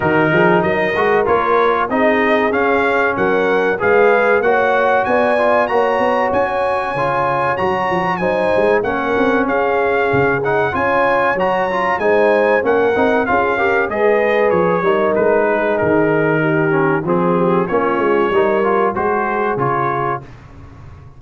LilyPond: <<
  \new Staff \with { instrumentName = "trumpet" } { \time 4/4 \tempo 4 = 95 ais'4 dis''4 cis''4 dis''4 | f''4 fis''4 f''4 fis''4 | gis''4 ais''4 gis''2 | ais''4 gis''4 fis''4 f''4~ |
f''8 fis''8 gis''4 ais''4 gis''4 | fis''4 f''4 dis''4 cis''4 | b'4 ais'2 gis'4 | cis''2 c''4 cis''4 | }
  \new Staff \with { instrumentName = "horn" } { \time 4/4 fis'8 gis'8 ais'2 gis'4~ | gis'4 ais'4 b'4 cis''4 | d''4 cis''2.~ | cis''4 c''4 ais'4 gis'4~ |
gis'4 cis''2 c''4 | ais'4 gis'8 ais'8 b'4. ais'8~ | ais'8 gis'4. g'4 gis'8 g'8 | f'4 ais'4 gis'2 | }
  \new Staff \with { instrumentName = "trombone" } { \time 4/4 dis'4. fis'8 f'4 dis'4 | cis'2 gis'4 fis'4~ | fis'8 f'8 fis'2 f'4 | fis'4 dis'4 cis'2~ |
cis'8 dis'8 f'4 fis'8 f'8 dis'4 | cis'8 dis'8 f'8 g'8 gis'4. dis'8~ | dis'2~ dis'8 cis'8 c'4 | cis'4 dis'8 f'8 fis'4 f'4 | }
  \new Staff \with { instrumentName = "tuba" } { \time 4/4 dis8 f8 fis8 gis8 ais4 c'4 | cis'4 fis4 gis4 ais4 | b4 ais8 b8 cis'4 cis4 | fis8 f8 fis8 gis8 ais8 c'8 cis'4 |
cis4 cis'4 fis4 gis4 | ais8 c'8 cis'4 gis4 f8 g8 | gis4 dis2 f4 | ais8 gis8 g4 gis4 cis4 | }
>>